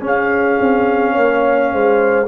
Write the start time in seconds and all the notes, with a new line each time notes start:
0.00 C#4 G#4
0.07 F5
0.60 C4
1.12 A#3 C#5
1.72 G#3 C5